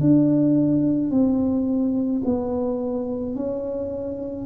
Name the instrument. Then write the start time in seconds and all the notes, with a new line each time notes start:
tuba
0.00 D4
1.11 C4
2.25 B3
3.35 C#4